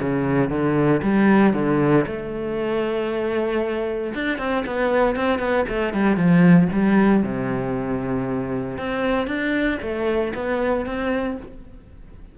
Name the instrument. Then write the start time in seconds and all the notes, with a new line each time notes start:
cello
0.00 C#3
0.50 D3
1.02 G3
1.54 D3
2.06 A3
4.14 D4
4.38 C4
4.66 B3
5.16 C4
5.39 B3
5.69 A3
5.93 G3
6.16 F3
6.72 G3
7.23 C3
8.78 C4
9.27 D4
9.82 A3
10.34 B3
10.86 C4